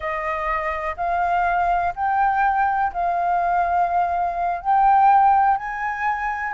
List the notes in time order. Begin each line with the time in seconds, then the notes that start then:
0.00 D#5
0.97 F5
1.95 G5
2.92 F5
4.61 G5
5.57 G#5